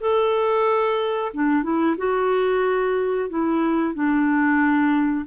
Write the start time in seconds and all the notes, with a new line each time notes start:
0.00 A4
1.33 D4
1.62 E4
1.97 F#4
3.29 E4
3.94 D4